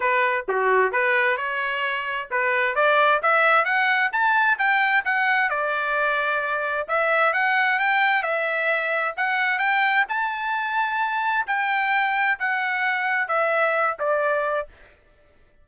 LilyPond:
\new Staff \with { instrumentName = "trumpet" } { \time 4/4 \tempo 4 = 131 b'4 fis'4 b'4 cis''4~ | cis''4 b'4 d''4 e''4 | fis''4 a''4 g''4 fis''4 | d''2. e''4 |
fis''4 g''4 e''2 | fis''4 g''4 a''2~ | a''4 g''2 fis''4~ | fis''4 e''4. d''4. | }